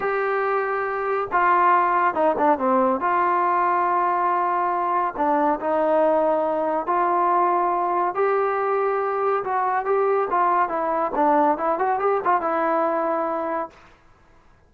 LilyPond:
\new Staff \with { instrumentName = "trombone" } { \time 4/4 \tempo 4 = 140 g'2. f'4~ | f'4 dis'8 d'8 c'4 f'4~ | f'1 | d'4 dis'2. |
f'2. g'4~ | g'2 fis'4 g'4 | f'4 e'4 d'4 e'8 fis'8 | g'8 f'8 e'2. | }